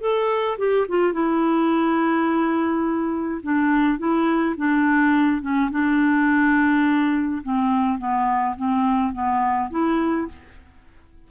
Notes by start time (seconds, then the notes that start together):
0.00 A4
0.58 G4
0.88 F4
1.12 E4
3.42 D4
3.98 E4
4.57 D4
5.41 C#4
5.70 D4
7.42 C4
7.98 B3
8.56 C4
9.12 B3
9.70 E4